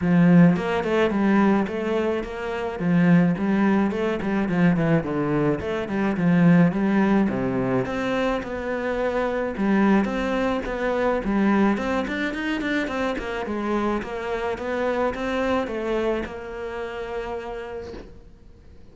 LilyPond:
\new Staff \with { instrumentName = "cello" } { \time 4/4 \tempo 4 = 107 f4 ais8 a8 g4 a4 | ais4 f4 g4 a8 g8 | f8 e8 d4 a8 g8 f4 | g4 c4 c'4 b4~ |
b4 g4 c'4 b4 | g4 c'8 d'8 dis'8 d'8 c'8 ais8 | gis4 ais4 b4 c'4 | a4 ais2. | }